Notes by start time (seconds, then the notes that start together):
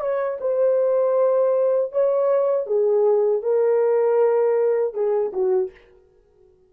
0.00 C#5
0.40 C5
1.92 C#5
2.67 G#4
3.42 A#4
4.94 G#4
5.33 F#4